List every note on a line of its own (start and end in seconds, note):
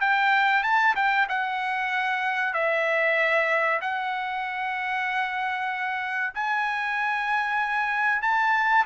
0.00 0.63 G5
0.63 0.94 A5
0.96 1.27 G5
1.29 2.53 F#5
2.53 3.80 E5
3.81 6.33 F#5
6.34 8.22 G#5
8.22 8.85 A5